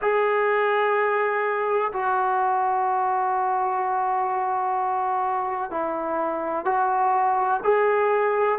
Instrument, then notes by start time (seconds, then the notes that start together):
trombone
0.01 G#4
1.93 F#4
5.71 E4
6.65 F#4
7.63 G#4